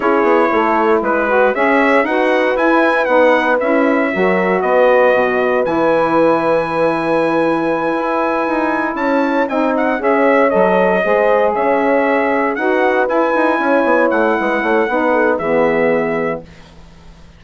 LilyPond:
<<
  \new Staff \with { instrumentName = "trumpet" } { \time 4/4 \tempo 4 = 117 cis''2 b'4 e''4 | fis''4 gis''4 fis''4 e''4~ | e''4 dis''2 gis''4~ | gis''1~ |
gis''4. a''4 gis''8 fis''8 e''8~ | e''8 dis''2 e''4.~ | e''8 fis''4 gis''2 fis''8~ | fis''2 e''2 | }
  \new Staff \with { instrumentName = "horn" } { \time 4/4 gis'4 a'4 b'4 cis''4 | b'1 | ais'4 b'2.~ | b'1~ |
b'4. cis''4 dis''4 cis''8~ | cis''4. c''4 cis''4.~ | cis''8 b'2 cis''4. | b'8 cis''8 b'8 a'8 gis'2 | }
  \new Staff \with { instrumentName = "saxophone" } { \time 4/4 e'2~ e'8 fis'8 gis'4 | fis'4 e'4 dis'4 e'4 | fis'2. e'4~ | e'1~ |
e'2~ e'8 dis'4 gis'8~ | gis'8 a'4 gis'2~ gis'8~ | gis'8 fis'4 e'2~ e'8~ | e'4 dis'4 b2 | }
  \new Staff \with { instrumentName = "bassoon" } { \time 4/4 cis'8 b8 a4 gis4 cis'4 | dis'4 e'4 b4 cis'4 | fis4 b4 b,4 e4~ | e2.~ e8 e'8~ |
e'8 dis'4 cis'4 c'4 cis'8~ | cis'8 fis4 gis4 cis'4.~ | cis'8 dis'4 e'8 dis'8 cis'8 b8 a8 | gis8 a8 b4 e2 | }
>>